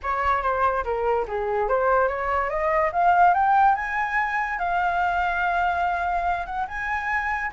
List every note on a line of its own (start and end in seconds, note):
0.02 0.42 C#5
0.42 0.84 C5
0.84 1.26 A#4
1.27 1.68 G#4
1.68 2.08 C5
2.08 2.49 C#5
2.49 2.91 D#5
2.92 3.34 F5
3.34 3.75 G5
3.75 4.58 G#5
4.59 6.46 F5
6.46 6.66 F#5
6.67 7.51 G#5